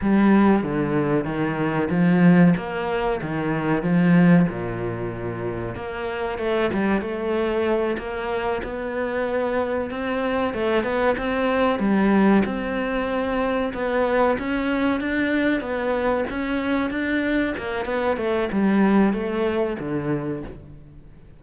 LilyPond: \new Staff \with { instrumentName = "cello" } { \time 4/4 \tempo 4 = 94 g4 d4 dis4 f4 | ais4 dis4 f4 ais,4~ | ais,4 ais4 a8 g8 a4~ | a8 ais4 b2 c'8~ |
c'8 a8 b8 c'4 g4 c'8~ | c'4. b4 cis'4 d'8~ | d'8 b4 cis'4 d'4 ais8 | b8 a8 g4 a4 d4 | }